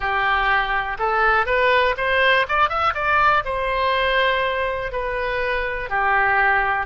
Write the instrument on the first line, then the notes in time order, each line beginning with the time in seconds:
oboe
0.00 G4
0.98 A4
1.46 B4
1.97 C5
2.48 D5
2.69 E5
2.94 D5
3.44 C5
4.92 B4
5.89 G4